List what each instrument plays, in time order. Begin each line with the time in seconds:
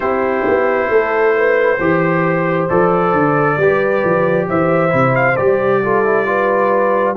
0.00 tuba C4, trombone E4, horn G4, trumpet C5
0.47 tuba B3
0.89 tuba A3, horn A4
1.37 horn B4
1.78 tuba E3, trombone G4, horn C5
2.69 tuba F3, trombone A4, trumpet D5
3.12 tuba D3
3.57 tuba G3, trombone G4, horn B4
4.04 tuba F3
4.48 tuba E3, horn C5, trumpet E5
4.89 tuba C3, trombone E4
5.15 trumpet F5
5.36 tuba G3, trombone G4, trumpet D5
5.82 trombone F4, horn A4
6.04 trombone E4
6.25 trombone F4, horn B4